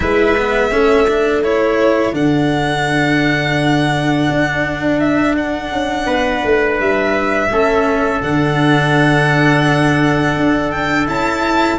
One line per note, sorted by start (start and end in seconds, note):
0.00 0.71 G#3
0.00 0.36 E4
0.00 0.70 B4
0.00 1.43 E5
0.37 0.71 B3
0.70 2.12 A3
0.70 1.07 C#4
0.70 6.05 A4
1.08 1.43 D4
1.43 2.12 E4
1.43 2.14 C#5
2.12 4.27 D3
2.12 7.48 D4
2.12 4.99 F#5
4.29 5.71 D4
4.99 5.35 E5
5.37 6.79 F#5
5.71 6.06 C#4
6.05 6.42 B3
6.05 7.48 B4
6.44 6.79 A3
6.79 7.50 G3
6.79 8.21 E5
7.50 8.21 A3
7.50 8.22 C#4
7.50 11.78 A4
8.21 10.36 D3
8.21 11.06 D4
8.21 10.70 F#5
10.36 11.08 D4
10.70 11.06 G5
11.06 11.78 C#4
11.06 11.78 E4
11.06 11.78 A5